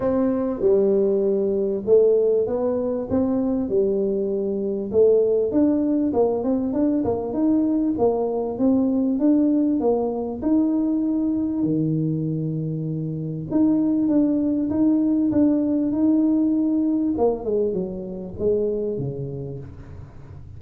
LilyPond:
\new Staff \with { instrumentName = "tuba" } { \time 4/4 \tempo 4 = 98 c'4 g2 a4 | b4 c'4 g2 | a4 d'4 ais8 c'8 d'8 ais8 | dis'4 ais4 c'4 d'4 |
ais4 dis'2 dis4~ | dis2 dis'4 d'4 | dis'4 d'4 dis'2 | ais8 gis8 fis4 gis4 cis4 | }